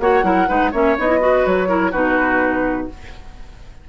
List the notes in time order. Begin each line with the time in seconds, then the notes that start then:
0.00 A#3 F#4 C#5 F#5
0.23 F#3 E4 A#4
0.48 G#3 D#4 B4
0.72 A#3 C#4 C#5 E5
0.98 B3 D#4 D#5
1.08 E4
1.20 F#4 B4
1.46 F#3 C#5
1.68 E4 A#4
1.91 B2 D#4 F#4 B4